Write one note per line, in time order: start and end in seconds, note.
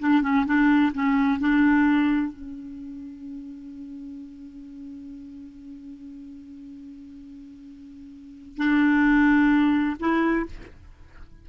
0.00 0.22 D4
0.22 0.46 C#4
0.46 0.92 D4
0.94 1.40 C#4
1.40 2.33 D4
2.33 8.58 C#4
8.58 9.97 D4
10.00 10.46 E4